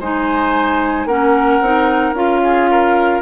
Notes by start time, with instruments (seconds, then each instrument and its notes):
0.00 bassoon G#3, clarinet D#4, oboe C5, flute G#5
1.06 bassoon A#3, clarinet C#4, oboe A#4, flute F#5
1.61 bassoon C4, clarinet D#4
2.13 bassoon C#4, clarinet F4, flute F5
2.43 oboe G#4
2.71 oboe A#4